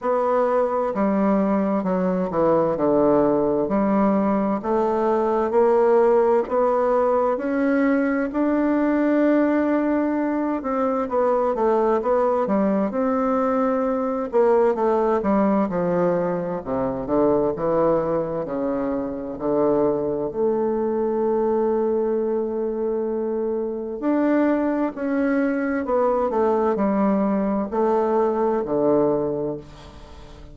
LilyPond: \new Staff \with { instrumentName = "bassoon" } { \time 4/4 \tempo 4 = 65 b4 g4 fis8 e8 d4 | g4 a4 ais4 b4 | cis'4 d'2~ d'8 c'8 | b8 a8 b8 g8 c'4. ais8 |
a8 g8 f4 c8 d8 e4 | cis4 d4 a2~ | a2 d'4 cis'4 | b8 a8 g4 a4 d4 | }